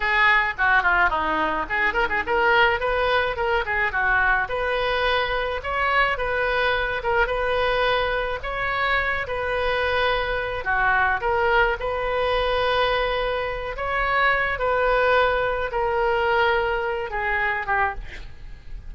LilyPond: \new Staff \with { instrumentName = "oboe" } { \time 4/4 \tempo 4 = 107 gis'4 fis'8 f'8 dis'4 gis'8 ais'16 gis'16 | ais'4 b'4 ais'8 gis'8 fis'4 | b'2 cis''4 b'4~ | b'8 ais'8 b'2 cis''4~ |
cis''8 b'2~ b'8 fis'4 | ais'4 b'2.~ | b'8 cis''4. b'2 | ais'2~ ais'8 gis'4 g'8 | }